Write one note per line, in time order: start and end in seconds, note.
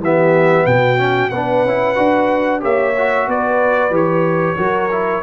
0.00 0.65 E3
0.00 0.98 B3
0.00 0.68 G4
0.00 0.67 E5
0.67 1.32 B2
0.67 1.34 F#4
0.67 1.30 G5
0.98 1.31 C#4
1.30 1.65 B3
1.30 1.68 D4
1.30 2.62 B4
1.30 2.61 F#5
1.65 1.97 C#4
1.65 1.96 E4
1.96 2.63 D4
1.96 2.61 F#4
2.61 3.28 A#3
2.61 2.93 G4
2.61 3.28 C#5
2.61 3.30 E5
2.98 3.92 F#4
3.28 3.91 B3
3.28 4.59 B4
3.28 3.95 D5
3.91 4.56 E3
3.91 4.57 G4
3.91 5.24 C#5
4.57 5.23 F#3
4.57 4.90 F#4
4.57 5.24 A#4
4.92 5.24 E4